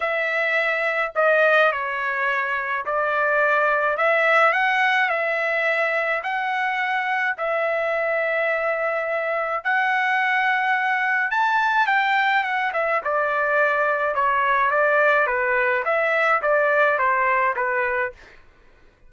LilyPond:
\new Staff \with { instrumentName = "trumpet" } { \time 4/4 \tempo 4 = 106 e''2 dis''4 cis''4~ | cis''4 d''2 e''4 | fis''4 e''2 fis''4~ | fis''4 e''2.~ |
e''4 fis''2. | a''4 g''4 fis''8 e''8 d''4~ | d''4 cis''4 d''4 b'4 | e''4 d''4 c''4 b'4 | }